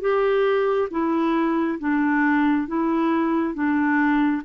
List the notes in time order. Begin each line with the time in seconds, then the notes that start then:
0.00 G4
0.90 E4
1.79 D4
2.67 E4
3.54 D4